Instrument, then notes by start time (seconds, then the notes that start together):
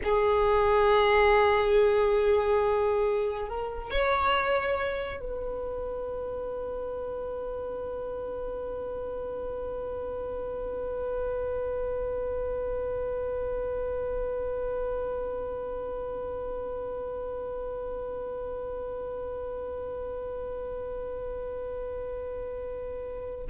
violin
0.04 G#4
3.48 A#4
3.90 C#5
5.20 B4